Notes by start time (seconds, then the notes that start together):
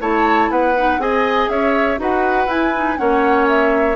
0.00 A3 E4 C#5 A5
0.50 B3 B4 F#5
0.76 D#4
0.98 C4 G#4 D#5 G#5
1.48 C#4 C#5 E5
1.98 D#4 F#4 B4 F#5
2.46 E4 G#5
2.74 D#4
2.97 A#3 C#4 C#5 F#5
3.48 E5